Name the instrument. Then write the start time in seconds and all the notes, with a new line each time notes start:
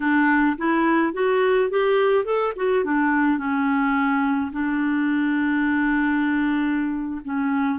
clarinet
0.00 D4
0.57 E4
1.13 F#4
1.70 G4
2.24 A4
2.56 F#4
2.84 D4
3.38 C#4
4.51 D4
7.24 C#4